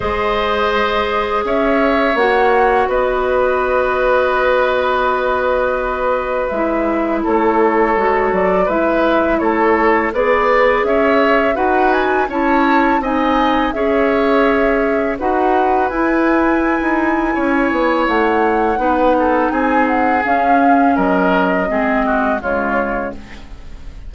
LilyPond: <<
  \new Staff \with { instrumentName = "flute" } { \time 4/4 \tempo 4 = 83 dis''2 e''4 fis''4 | dis''1~ | dis''4 e''4 cis''4. d''8 | e''4 cis''4 b'4 e''4 |
fis''8 gis''8 a''4 gis''4 e''4~ | e''4 fis''4 gis''2~ | gis''4 fis''2 gis''8 fis''8 | f''4 dis''2 cis''4 | }
  \new Staff \with { instrumentName = "oboe" } { \time 4/4 c''2 cis''2 | b'1~ | b'2 a'2 | b'4 a'4 d''4 cis''4 |
b'4 cis''4 dis''4 cis''4~ | cis''4 b'2. | cis''2 b'8 a'8 gis'4~ | gis'4 ais'4 gis'8 fis'8 f'4 | }
  \new Staff \with { instrumentName = "clarinet" } { \time 4/4 gis'2. fis'4~ | fis'1~ | fis'4 e'2 fis'4 | e'2 gis'2 |
fis'4 e'4 dis'4 gis'4~ | gis'4 fis'4 e'2~ | e'2 dis'2 | cis'2 c'4 gis4 | }
  \new Staff \with { instrumentName = "bassoon" } { \time 4/4 gis2 cis'4 ais4 | b1~ | b4 gis4 a4 gis8 fis8 | gis4 a4 b4 cis'4 |
dis'4 cis'4 c'4 cis'4~ | cis'4 dis'4 e'4~ e'16 dis'8. | cis'8 b8 a4 b4 c'4 | cis'4 fis4 gis4 cis4 | }
>>